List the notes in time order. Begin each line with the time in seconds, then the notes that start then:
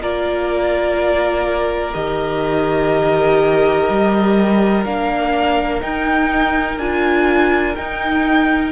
0.00 A#3 F4 A#4 D5
1.94 D#3 G4 D#5
3.90 G3
4.85 A#3 D4 F5
5.81 D#4 G5
6.78 D4 F4 G#5
7.75 D#4 G5